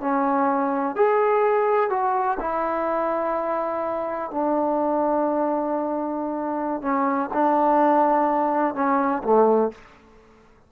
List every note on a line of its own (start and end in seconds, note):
0.00 0.96 C#4
0.96 1.90 G#4
1.90 2.38 F#4
2.40 4.31 E4
4.31 6.82 D4
6.82 7.30 C#4
7.33 8.74 D4
8.74 9.22 C#4
9.23 9.71 A3